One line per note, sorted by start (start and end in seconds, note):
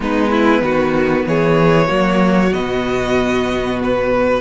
0.00 0.61 G#3
0.00 1.87 B3
0.00 0.30 D#4
0.00 1.27 B4
0.30 0.62 E4
0.61 1.24 D#3
0.61 1.26 F#4
1.26 1.89 E3
1.26 1.87 G#4
1.26 2.53 C#5
1.87 2.53 F#3
1.87 2.50 A#3
1.87 4.39 F#4
2.52 4.41 B2
2.52 4.41 B3
2.52 3.79 D#5
3.83 4.41 B4